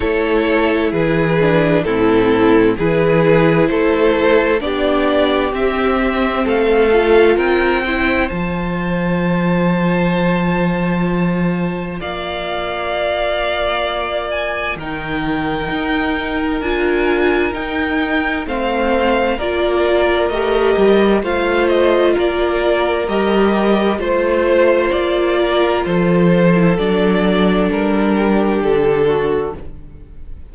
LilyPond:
<<
  \new Staff \with { instrumentName = "violin" } { \time 4/4 \tempo 4 = 65 cis''4 b'4 a'4 b'4 | c''4 d''4 e''4 f''4 | g''4 a''2.~ | a''4 f''2~ f''8 gis''8 |
g''2 gis''4 g''4 | f''4 d''4 dis''4 f''8 dis''8 | d''4 dis''4 c''4 d''4 | c''4 d''4 ais'4 a'4 | }
  \new Staff \with { instrumentName = "violin" } { \time 4/4 a'4 gis'4 e'4 gis'4 | a'4 g'2 a'4 | ais'8 c''2.~ c''8~ | c''4 d''2. |
ais'1 | c''4 ais'2 c''4 | ais'2 c''4. ais'8 | a'2~ a'8 g'4 fis'8 | }
  \new Staff \with { instrumentName = "viola" } { \time 4/4 e'4. d'8 c'4 e'4~ | e'4 d'4 c'4. f'8~ | f'8 e'8 f'2.~ | f'1 |
dis'2 f'4 dis'4 | c'4 f'4 g'4 f'4~ | f'4 g'4 f'2~ | f'8. e'16 d'2. | }
  \new Staff \with { instrumentName = "cello" } { \time 4/4 a4 e4 a,4 e4 | a4 b4 c'4 a4 | c'4 f2.~ | f4 ais2. |
dis4 dis'4 d'4 dis'4 | a4 ais4 a8 g8 a4 | ais4 g4 a4 ais4 | f4 fis4 g4 d4 | }
>>